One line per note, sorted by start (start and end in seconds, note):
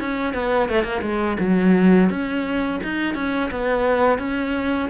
0.00 0.34 C#4
0.34 0.69 B3
0.69 0.83 A3
0.83 1.01 A#3
1.02 1.37 G#3
1.40 2.10 F#3
2.10 2.80 C#4
2.84 3.15 D#4
3.15 3.50 C#4
3.51 4.19 B3
4.19 4.89 C#4